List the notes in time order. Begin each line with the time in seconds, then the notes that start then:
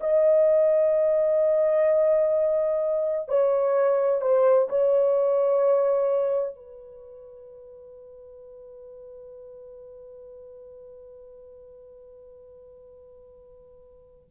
0.00 D#5
3.28 C#5
4.21 C5
4.69 C#5
6.55 B4